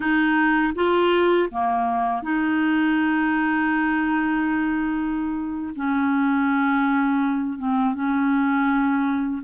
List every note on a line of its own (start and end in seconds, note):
0.00 0.73 D#4
0.75 1.49 F4
1.50 2.22 A#3
2.22 5.74 D#4
5.75 7.58 C#4
7.58 7.94 C4
7.94 9.42 C#4